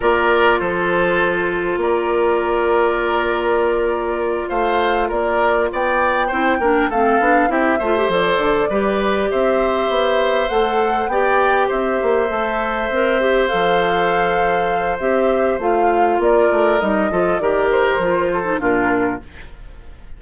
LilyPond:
<<
  \new Staff \with { instrumentName = "flute" } { \time 4/4 \tempo 4 = 100 d''4 c''2 d''4~ | d''2.~ d''8 f''8~ | f''8 d''4 g''2 f''8~ | f''8 e''4 d''2 e''8~ |
e''4. fis''4 g''4 e''8~ | e''2~ e''8 f''4.~ | f''4 e''4 f''4 d''4 | dis''4 d''8 c''4. ais'4 | }
  \new Staff \with { instrumentName = "oboe" } { \time 4/4 ais'4 a'2 ais'4~ | ais'2.~ ais'8 c''8~ | c''8 ais'4 d''4 c''8 ais'8 a'8~ | a'8 g'8 c''4. b'4 c''8~ |
c''2~ c''8 d''4 c''8~ | c''1~ | c''2. ais'4~ | ais'8 a'8 ais'4. a'8 f'4 | }
  \new Staff \with { instrumentName = "clarinet" } { \time 4/4 f'1~ | f'1~ | f'2~ f'8 e'8 d'8 c'8 | d'8 e'8 f'16 g'16 a'4 g'4.~ |
g'4. a'4 g'4.~ | g'8 a'4 ais'8 g'8 a'4.~ | a'4 g'4 f'2 | dis'8 f'8 g'4 f'8. dis'16 d'4 | }
  \new Staff \with { instrumentName = "bassoon" } { \time 4/4 ais4 f2 ais4~ | ais2.~ ais8 a8~ | a8 ais4 b4 c'8 ais8 a8 | b8 c'8 a8 f8 d8 g4 c'8~ |
c'8 b4 a4 b4 c'8 | ais8 a4 c'4 f4.~ | f4 c'4 a4 ais8 a8 | g8 f8 dis4 f4 ais,4 | }
>>